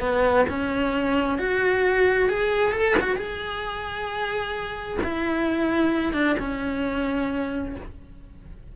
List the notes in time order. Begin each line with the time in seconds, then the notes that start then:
0.00 B3
0.49 C#4
1.39 F#4
2.30 G#4
2.73 A4
3.01 F#4
3.17 G#4
5.04 E4
6.13 D4
6.39 C#4